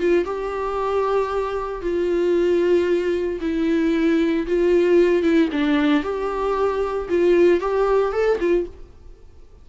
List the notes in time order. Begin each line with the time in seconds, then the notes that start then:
0.00 F4
0.25 G4
1.82 F4
3.41 E4
4.47 F4
5.23 E4
5.52 D4
6.03 G4
7.09 F4
7.61 G4
8.13 A4
8.40 F4